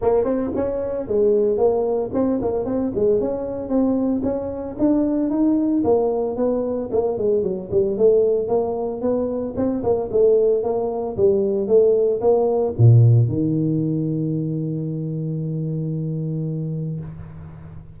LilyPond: \new Staff \with { instrumentName = "tuba" } { \time 4/4 \tempo 4 = 113 ais8 c'8 cis'4 gis4 ais4 | c'8 ais8 c'8 gis8 cis'4 c'4 | cis'4 d'4 dis'4 ais4 | b4 ais8 gis8 fis8 g8 a4 |
ais4 b4 c'8 ais8 a4 | ais4 g4 a4 ais4 | ais,4 dis2.~ | dis1 | }